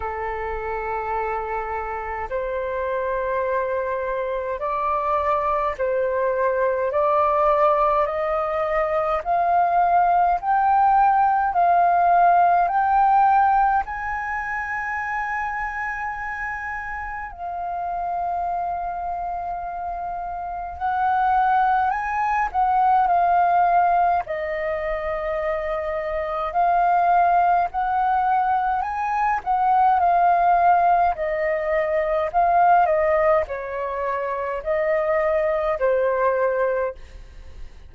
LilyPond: \new Staff \with { instrumentName = "flute" } { \time 4/4 \tempo 4 = 52 a'2 c''2 | d''4 c''4 d''4 dis''4 | f''4 g''4 f''4 g''4 | gis''2. f''4~ |
f''2 fis''4 gis''8 fis''8 | f''4 dis''2 f''4 | fis''4 gis''8 fis''8 f''4 dis''4 | f''8 dis''8 cis''4 dis''4 c''4 | }